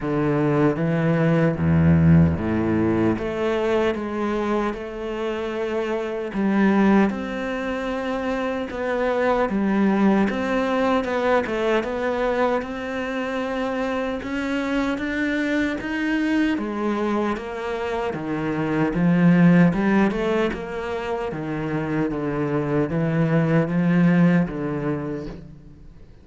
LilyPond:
\new Staff \with { instrumentName = "cello" } { \time 4/4 \tempo 4 = 76 d4 e4 e,4 a,4 | a4 gis4 a2 | g4 c'2 b4 | g4 c'4 b8 a8 b4 |
c'2 cis'4 d'4 | dis'4 gis4 ais4 dis4 | f4 g8 a8 ais4 dis4 | d4 e4 f4 d4 | }